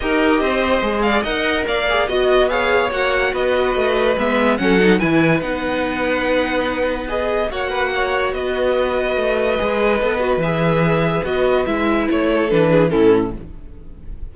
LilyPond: <<
  \new Staff \with { instrumentName = "violin" } { \time 4/4 \tempo 4 = 144 dis''2~ dis''8 f''8 fis''4 | f''4 dis''4 f''4 fis''4 | dis''2 e''4 fis''4 | gis''4 fis''2.~ |
fis''4 dis''4 fis''2 | dis''1~ | dis''4 e''2 dis''4 | e''4 cis''4 b'4 a'4 | }
  \new Staff \with { instrumentName = "violin" } { \time 4/4 ais'4 c''4. d''8 dis''4 | d''4 dis''4 cis''2 | b'2. a'4 | b'1~ |
b'2 cis''8 b'8 cis''4 | b'1~ | b'1~ | b'4. a'4 gis'8 e'4 | }
  \new Staff \with { instrumentName = "viola" } { \time 4/4 g'2 gis'4 ais'4~ | ais'8 gis'8 fis'4 gis'4 fis'4~ | fis'2 b4 cis'8 dis'8 | e'4 dis'2.~ |
dis'4 gis'4 fis'2~ | fis'2. gis'4 | a'8 fis'8 gis'2 fis'4 | e'2 d'4 cis'4 | }
  \new Staff \with { instrumentName = "cello" } { \time 4/4 dis'4 c'4 gis4 dis'4 | ais4 b2 ais4 | b4 a4 gis4 fis4 | e4 b2.~ |
b2 ais2 | b2 a4 gis4 | b4 e2 b4 | gis4 a4 e4 a,4 | }
>>